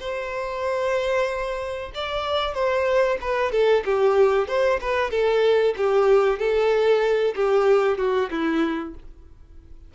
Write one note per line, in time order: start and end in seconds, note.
0.00 1.91 C5
1.95 2.54 D5
2.54 3.18 C5
3.21 3.52 B4
3.52 3.84 A4
3.85 4.48 G4
4.48 4.80 C5
4.81 5.11 B4
5.11 5.75 A4
5.77 6.39 G4
6.39 7.35 A4
7.36 7.98 G4
7.98 8.30 F#4
8.31 8.95 E4